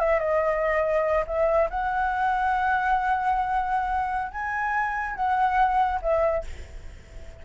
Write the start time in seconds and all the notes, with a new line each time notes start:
0.00 E5
0.19 D#5
1.27 E5
1.70 F#5
4.32 G#5
5.16 F#5
6.02 E5